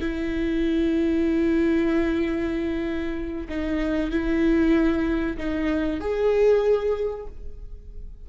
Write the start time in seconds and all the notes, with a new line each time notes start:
0.00 E4
3.49 D#4
4.11 E4
5.37 D#4
6.00 G#4